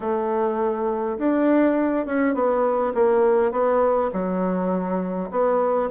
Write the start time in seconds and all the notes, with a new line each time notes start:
0.00 A3
1.18 D4
2.06 C#4
2.34 B3
2.94 A#3
3.51 B3
4.12 F#3
5.30 B3